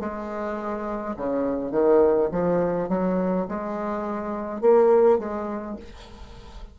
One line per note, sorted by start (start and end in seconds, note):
0.00 1.15 G#3
1.16 1.72 C#3
1.72 2.29 D#3
2.32 2.89 F3
2.89 3.47 F#3
3.49 4.61 G#3
4.61 5.19 A#3
5.19 5.76 G#3